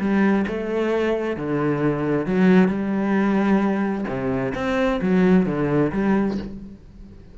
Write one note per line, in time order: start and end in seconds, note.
0.00 0.45 G3
0.48 1.37 A3
1.37 2.26 D3
2.26 2.68 F#3
2.68 4.05 G3
4.08 4.54 C3
4.55 5.00 C4
5.01 5.46 F#3
5.46 5.92 D3
5.92 6.38 G3